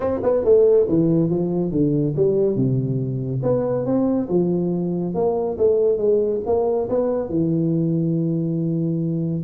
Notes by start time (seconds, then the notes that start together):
0.00 C4
0.23 B3
0.44 A3
0.88 E3
1.30 F3
1.71 D3
2.16 G3
2.56 C3
3.42 B3
3.85 C4
4.29 F3
5.14 A#3
5.58 A3
5.97 G#3
6.46 A#3
6.89 B3
7.29 E3